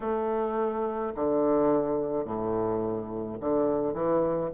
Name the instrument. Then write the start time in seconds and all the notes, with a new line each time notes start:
bassoon
0.00 A3
1.15 D3
2.24 A2
3.40 D3
3.93 E3